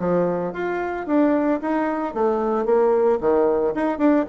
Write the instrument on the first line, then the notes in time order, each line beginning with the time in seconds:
bassoon
0.00 F3
0.54 F4
1.07 D4
1.62 D#4
2.15 A3
2.66 A#3
3.21 D#3
3.75 D#4
3.99 D4